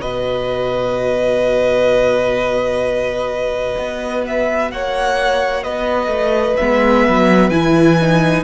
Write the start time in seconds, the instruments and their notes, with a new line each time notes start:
0.00 cello B2, viola F#4, violin B4 D#5
3.78 cello B3
4.27 violin E5
4.71 cello A#3, violin C#5 F#5
5.63 cello B3, violin B4 D#5
6.07 cello A3
6.56 cello G#3, viola B3, violin E5
7.08 cello F#3
7.49 cello E3, viola E4, violin G#5
8.01 viola D#4